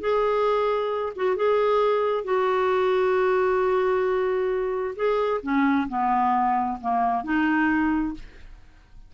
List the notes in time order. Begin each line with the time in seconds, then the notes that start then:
0.00 G#4
1.16 F#4
1.36 G#4
2.24 F#4
4.96 G#4
5.43 C#4
5.89 B3
6.81 A#3
7.24 D#4